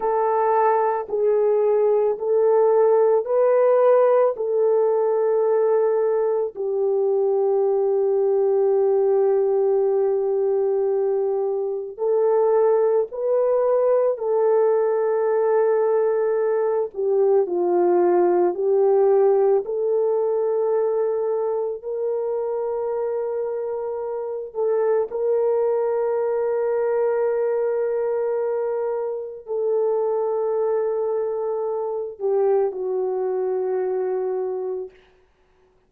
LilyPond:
\new Staff \with { instrumentName = "horn" } { \time 4/4 \tempo 4 = 55 a'4 gis'4 a'4 b'4 | a'2 g'2~ | g'2. a'4 | b'4 a'2~ a'8 g'8 |
f'4 g'4 a'2 | ais'2~ ais'8 a'8 ais'4~ | ais'2. a'4~ | a'4. g'8 fis'2 | }